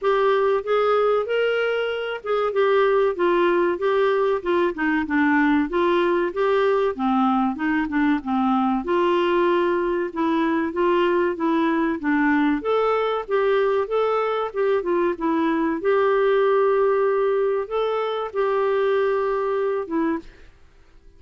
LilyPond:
\new Staff \with { instrumentName = "clarinet" } { \time 4/4 \tempo 4 = 95 g'4 gis'4 ais'4. gis'8 | g'4 f'4 g'4 f'8 dis'8 | d'4 f'4 g'4 c'4 | dis'8 d'8 c'4 f'2 |
e'4 f'4 e'4 d'4 | a'4 g'4 a'4 g'8 f'8 | e'4 g'2. | a'4 g'2~ g'8 e'8 | }